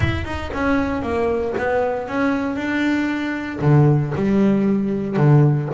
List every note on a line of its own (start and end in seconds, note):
0.00 0.24 E4
0.24 0.50 D#4
0.53 1.02 C#4
1.02 1.54 A#3
1.57 2.08 B3
2.08 2.56 C#4
2.56 3.59 D4
3.61 4.13 D3
4.15 5.17 G3
5.17 5.68 D3